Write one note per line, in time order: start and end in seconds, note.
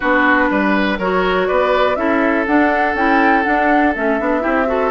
0.00 0.50 B3
0.00 0.99 D4
0.00 0.49 F#4
0.00 0.97 B4
0.50 0.98 G3
0.50 0.98 B4
0.98 1.48 F#3
0.98 1.96 F#4
0.98 1.47 A#4
0.98 1.47 C#5
1.47 1.96 B3
1.47 1.97 B4
1.47 1.95 D5
1.95 2.45 C#4
1.95 2.45 E4
1.95 4.42 A4
1.95 2.44 E5
2.46 2.96 D4
2.46 2.94 D4
2.46 2.95 F#5
2.94 3.43 C#4
2.94 3.44 E4
2.94 3.43 G5
3.43 3.93 D4
3.43 3.95 D4
3.43 3.92 F#5
3.94 4.20 A3
3.94 4.19 C#4
3.94 4.91 E5
4.19 4.44 B3
4.19 4.40 D4
4.40 4.91 C4
4.40 4.65 E4
4.40 4.67 G4
4.66 4.91 F#4
4.66 4.91 A4